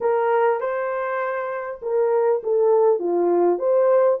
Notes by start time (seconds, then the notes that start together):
0.00 A#4
0.60 C5
1.82 A#4
2.43 A4
2.99 F4
3.58 C5